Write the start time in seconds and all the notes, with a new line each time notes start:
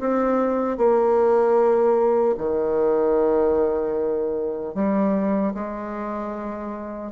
0.00 C4
0.78 A#3
2.38 D#3
4.75 G3
5.55 G#3